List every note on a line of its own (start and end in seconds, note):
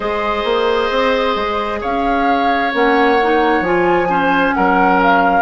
0.00 0.43 G#3
0.00 2.72 G#4
0.00 1.79 C5
0.00 1.80 D#5
0.44 0.89 A#3
0.90 1.35 C4
1.35 1.81 G#3
1.80 2.74 C#4
1.80 4.08 C#5
1.80 2.73 F5
2.73 3.60 A#3
2.73 3.18 C#4
2.73 3.63 F#5
3.22 3.64 D#4
3.60 4.51 F3
3.60 4.08 F4
3.60 4.54 G#5
4.08 5.41 C#4
4.08 4.55 C5
4.54 5.41 F#3
4.54 5.41 A#4
4.54 5.00 F#5
5.02 5.41 F5